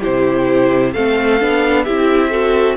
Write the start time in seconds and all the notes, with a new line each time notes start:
0.00 C3 E4 G4 C5
0.93 A3 C4 A4 F5
1.40 B3 D4
1.84 C4 E4 G4 E5
2.30 F#4 A4